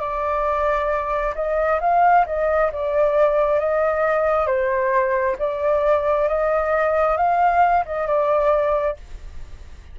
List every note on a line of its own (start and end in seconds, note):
0.00 1.34 D5
1.36 1.80 D#5
1.81 2.26 F5
2.27 2.72 D#5
2.73 3.60 D5
3.60 4.47 D#5
4.47 5.37 C5
5.39 6.28 D5
6.29 7.18 D#5
7.18 7.85 F5
7.86 8.08 D#5
8.08 8.97 D5